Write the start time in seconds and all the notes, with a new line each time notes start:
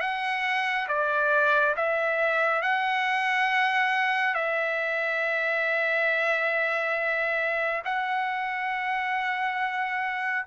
0.00 F#5
0.88 D5
1.76 E5
2.62 F#5
4.34 E5
7.85 F#5